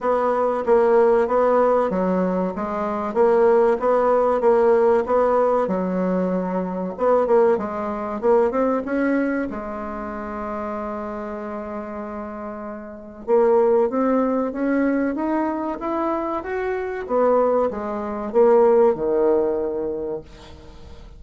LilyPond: \new Staff \with { instrumentName = "bassoon" } { \time 4/4 \tempo 4 = 95 b4 ais4 b4 fis4 | gis4 ais4 b4 ais4 | b4 fis2 b8 ais8 | gis4 ais8 c'8 cis'4 gis4~ |
gis1~ | gis4 ais4 c'4 cis'4 | dis'4 e'4 fis'4 b4 | gis4 ais4 dis2 | }